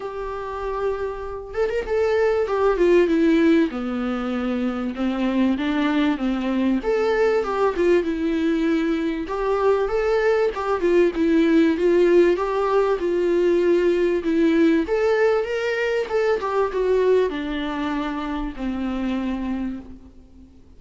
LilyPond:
\new Staff \with { instrumentName = "viola" } { \time 4/4 \tempo 4 = 97 g'2~ g'8 a'16 ais'16 a'4 | g'8 f'8 e'4 b2 | c'4 d'4 c'4 a'4 | g'8 f'8 e'2 g'4 |
a'4 g'8 f'8 e'4 f'4 | g'4 f'2 e'4 | a'4 ais'4 a'8 g'8 fis'4 | d'2 c'2 | }